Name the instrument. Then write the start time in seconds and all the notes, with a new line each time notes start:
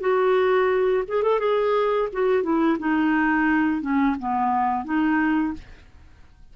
clarinet
0.00 F#4
1.08 G#4
1.22 A4
1.39 G#4
2.12 F#4
2.43 E4
2.78 D#4
3.81 C#4
4.19 B3
4.84 D#4